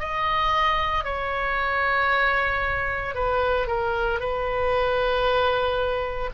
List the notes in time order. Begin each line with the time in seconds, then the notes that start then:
0.00 D#5
1.05 C#5
3.15 B4
3.68 A#4
4.21 B4